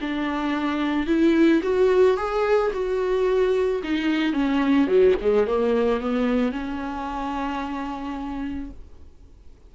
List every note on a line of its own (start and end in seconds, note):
0.00 1.06 D4
1.06 1.61 E4
1.62 2.16 F#4
2.16 2.71 G#4
2.72 3.82 F#4
3.83 4.33 D#4
4.33 4.87 C#4
4.87 5.14 F#3
5.21 5.47 G#3
5.47 6.00 A#3
6.00 6.52 B3
6.52 8.70 C#4